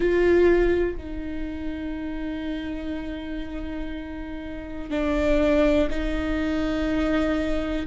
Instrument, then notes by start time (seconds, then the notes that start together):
viola
0.00 F4
0.97 D#4
4.90 D4
5.90 D#4